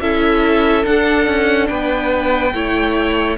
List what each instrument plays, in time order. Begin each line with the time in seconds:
0.00 cello C#4, viola E4, violin A4 E5
0.83 viola D4, cello D4, violin F#5
1.26 cello C#4
1.67 cello B3, violin B4 G5
2.53 cello A3, viola E4, violin C#5